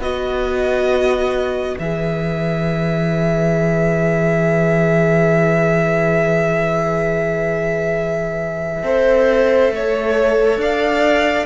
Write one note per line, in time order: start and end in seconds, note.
0.00 1.76 B3
0.00 1.79 F#4
0.00 8.83 B4
0.00 1.78 D#5
1.79 8.83 E3
1.79 8.83 G#4
1.79 10.61 E5
8.83 9.71 C4
8.83 11.46 A4
8.83 9.74 C5
9.71 10.57 A3
9.71 10.61 C#5
10.57 11.45 D4
10.57 11.46 D5
10.57 11.46 F5